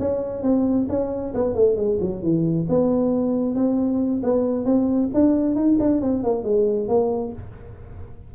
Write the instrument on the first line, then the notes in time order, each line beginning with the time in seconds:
tuba
0.00 C#4
0.43 C4
0.90 C#4
1.35 B3
1.55 A3
1.77 G#3
2.01 F#3
2.23 E3
2.69 B3
3.56 C4
4.24 B3
4.65 C4
5.15 D4
5.56 D#4
5.80 D4
6.02 C4
6.24 A#3
6.44 G#3
6.89 A#3